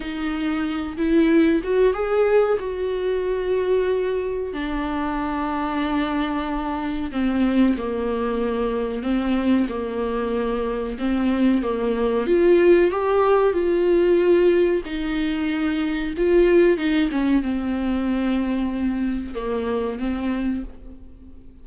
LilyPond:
\new Staff \with { instrumentName = "viola" } { \time 4/4 \tempo 4 = 93 dis'4. e'4 fis'8 gis'4 | fis'2. d'4~ | d'2. c'4 | ais2 c'4 ais4~ |
ais4 c'4 ais4 f'4 | g'4 f'2 dis'4~ | dis'4 f'4 dis'8 cis'8 c'4~ | c'2 ais4 c'4 | }